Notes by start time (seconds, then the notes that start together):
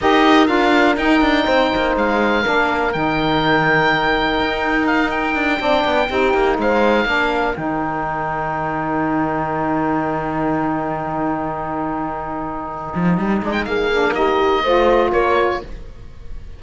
0.00 D#4 G4 A#4 D#5
0.46 D4 F4 F5
0.96 D#4 G5
1.21 D4
1.45 C4 C5
1.75 A#3
1.95 G#3 F5
2.42 A#3 D4 A#4
2.92 D#3 D#4 G5
4.39 D#4
4.87 F5
5.10 G5
5.35 D4
5.58 C4 D4 D5
5.84 B3
6.09 C4 D#4 G4
6.33 A#3
6.57 G#3 C5 F5
7.05 A#3 D4 A#4
7.55 D#3 D#4 G5
12.95 F3
13.17 G3
13.42 G#3 D4
13.51 G5
13.65 A#3 G#4 F5
13.92 D4
14.14 D#4 G4 D#5
14.63 A3 F4 C5
15.12 A#3 A#4 C#5